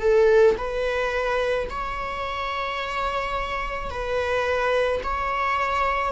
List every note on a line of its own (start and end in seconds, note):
0.00 0.56 A4
0.58 1.69 B4
1.70 3.90 C#5
3.90 5.01 B4
5.03 6.12 C#5